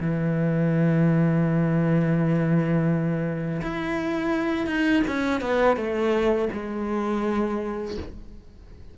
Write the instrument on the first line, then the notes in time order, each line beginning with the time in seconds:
cello
0.00 E3
3.61 E4
4.66 D#4
5.07 C#4
5.41 B3
5.76 A3
6.53 G#3